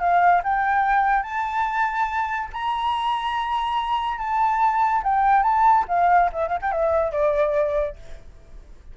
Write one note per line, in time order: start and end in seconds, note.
0.00 0.42 F5
0.44 1.23 G5
1.23 2.49 A5
2.53 4.18 A#5
4.18 5.02 A5
5.03 5.43 G5
5.43 5.85 A5
5.88 6.30 F5
6.33 6.48 E5
6.48 6.59 F5
6.62 6.72 G5
6.72 7.12 E5
7.12 7.96 D5